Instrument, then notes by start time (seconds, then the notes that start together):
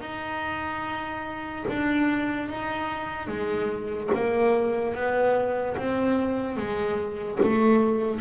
double bass
0.00 D#4
1.68 D4
2.48 D#4
3.27 G#3
4.14 A#3
4.94 B3
5.77 C4
6.56 G#3
7.42 A3